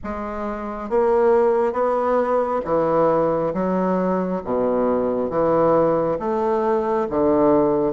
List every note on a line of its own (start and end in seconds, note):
0.03 0.89 G#3
0.89 1.72 A#3
1.72 2.60 B3
2.65 3.53 E3
3.53 4.42 F#3
4.44 5.29 B2
5.29 6.18 E3
6.19 7.07 A3
7.09 7.92 D3